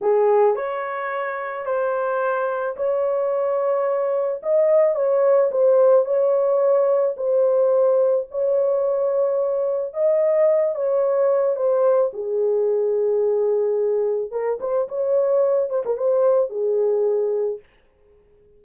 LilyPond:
\new Staff \with { instrumentName = "horn" } { \time 4/4 \tempo 4 = 109 gis'4 cis''2 c''4~ | c''4 cis''2. | dis''4 cis''4 c''4 cis''4~ | cis''4 c''2 cis''4~ |
cis''2 dis''4. cis''8~ | cis''4 c''4 gis'2~ | gis'2 ais'8 c''8 cis''4~ | cis''8 c''16 ais'16 c''4 gis'2 | }